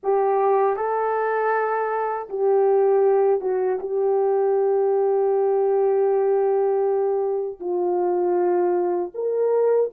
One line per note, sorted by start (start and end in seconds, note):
0.03 0.76 G4
0.76 2.28 A4
2.29 3.40 G4
3.40 3.78 F#4
3.79 7.59 G4
7.59 9.11 F4
9.14 9.90 A#4